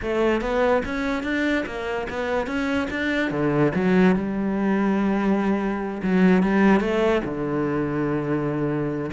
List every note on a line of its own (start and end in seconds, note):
0.02 0.41 A3
0.41 0.82 B3
0.85 1.23 C#4
1.23 1.64 D4
1.66 2.07 A#3
2.09 2.46 B3
2.46 2.88 C#4
2.90 3.30 D4
3.30 3.72 D3
3.74 4.15 F#3
4.15 6.01 G3
6.02 6.43 F#3
6.43 6.80 G3
6.80 7.21 A3
7.24 9.11 D3